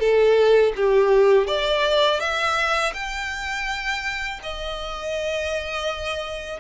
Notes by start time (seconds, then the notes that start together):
0.00 A4
0.76 G4
1.47 D5
2.20 E5
2.94 G5
4.43 D#5